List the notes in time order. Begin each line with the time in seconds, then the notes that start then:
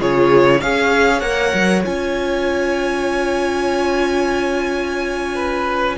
0.00 C#3 F4 G#4 C#5
0.61 C#4 G#4 C#5 F5
1.20 A#3 A#4 F#5
1.54 F#3
1.84 C#4 F4 G#5
5.35 B4